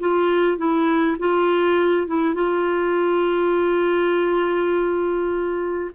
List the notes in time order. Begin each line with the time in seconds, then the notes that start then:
0.00 F4
0.58 E4
1.19 F4
2.08 E4
2.35 F4